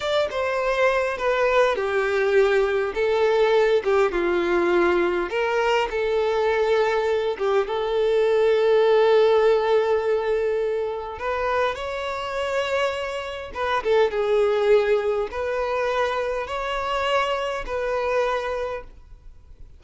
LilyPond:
\new Staff \with { instrumentName = "violin" } { \time 4/4 \tempo 4 = 102 d''8 c''4. b'4 g'4~ | g'4 a'4. g'8 f'4~ | f'4 ais'4 a'2~ | a'8 g'8 a'2.~ |
a'2. b'4 | cis''2. b'8 a'8 | gis'2 b'2 | cis''2 b'2 | }